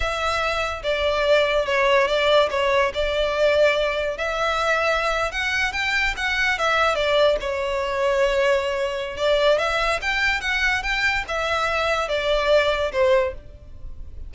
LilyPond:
\new Staff \with { instrumentName = "violin" } { \time 4/4 \tempo 4 = 144 e''2 d''2 | cis''4 d''4 cis''4 d''4~ | d''2 e''2~ | e''8. fis''4 g''4 fis''4 e''16~ |
e''8. d''4 cis''2~ cis''16~ | cis''2 d''4 e''4 | g''4 fis''4 g''4 e''4~ | e''4 d''2 c''4 | }